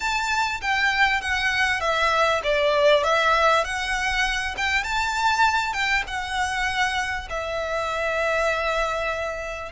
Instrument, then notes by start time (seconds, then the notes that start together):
violin
0.00 A5
0.61 G5
1.21 F#5
1.80 E5
2.43 D5
3.03 E5
3.64 F#5
4.57 G5
4.83 A5
5.73 G5
6.07 F#5
7.29 E5